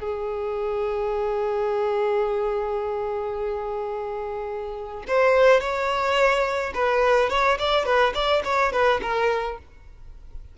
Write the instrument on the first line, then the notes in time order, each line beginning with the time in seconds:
violin
0.00 G#4
5.08 C5
5.61 C#5
6.75 B4
7.30 C#5
7.59 D5
7.86 B4
8.15 D5
8.45 C#5
8.73 B4
9.03 A#4